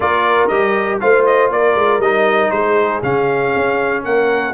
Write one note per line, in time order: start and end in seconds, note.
0.00 0.49 A#3
0.00 0.50 F4
0.00 1.00 A#4
0.00 0.47 D5
0.47 1.00 G3
0.47 1.01 G4
0.47 0.98 D#5
1.00 1.50 A3
1.00 2.01 F4
1.00 1.51 C5
1.00 1.25 F5
1.26 1.51 D#5
1.50 1.75 A#3
1.50 2.52 A#4
1.50 2.01 D5
1.75 1.98 G#3
1.98 2.49 G3
1.98 3.02 D#4
1.98 2.51 D#5
2.51 3.02 G#3
2.51 4.03 G#4
2.51 3.01 C5
3.02 3.52 C#3
3.02 4.53 C#4
3.02 4.04 F5
3.55 4.05 C#4
4.03 4.53 A#3
4.03 4.53 A#4
4.03 4.53 F#5